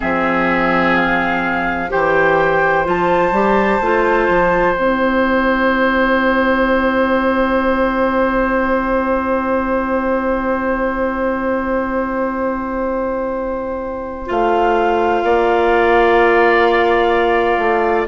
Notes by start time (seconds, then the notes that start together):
0.00 F3 C4 G#4 E5
0.95 F5
1.89 E3 G4 C5 G5
2.84 F3 F4 A5
3.31 G3 G4
3.80 A3 F4
4.29 F3
4.75 C4 E4 G5
14.26 A3 F4 F5
15.23 A#3 D5
17.58 A3